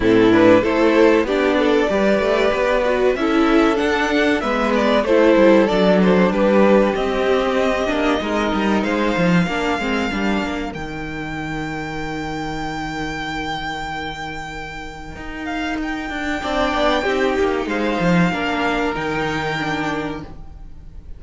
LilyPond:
<<
  \new Staff \with { instrumentName = "violin" } { \time 4/4 \tempo 4 = 95 a'8 b'8 c''4 d''2~ | d''4 e''4 fis''4 e''8 d''8 | c''4 d''8 c''8 b'4 dis''4~ | dis''2 f''2~ |
f''4 g''2.~ | g''1~ | g''8 f''8 g''2. | f''2 g''2 | }
  \new Staff \with { instrumentName = "violin" } { \time 4/4 e'4 a'4 g'8 a'8 b'4~ | b'4 a'2 b'4 | a'2 g'2~ | g'4 ais'4 c''4 ais'4~ |
ais'1~ | ais'1~ | ais'2 d''4 g'4 | c''4 ais'2. | }
  \new Staff \with { instrumentName = "viola" } { \time 4/4 c'8 d'8 e'4 d'4 g'4~ | g'8 fis'8 e'4 d'4 b4 | e'4 d'2 c'4~ | c'8 d'8 dis'2 d'8 c'8 |
d'4 dis'2.~ | dis'1~ | dis'2 d'4 dis'4~ | dis'4 d'4 dis'4 d'4 | }
  \new Staff \with { instrumentName = "cello" } { \time 4/4 a,4 a4 b4 g8 a8 | b4 cis'4 d'4 gis4 | a8 g8 fis4 g4 c'4~ | c'8 ais8 gis8 g8 gis8 f8 ais8 gis8 |
g8 ais8 dis2.~ | dis1 | dis'4. d'8 c'8 b8 c'8 ais8 | gis8 f8 ais4 dis2 | }
>>